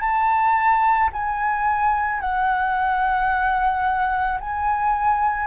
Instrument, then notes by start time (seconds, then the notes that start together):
flute
0.00 A5
1.13 G#5
2.20 F#5
4.40 G#5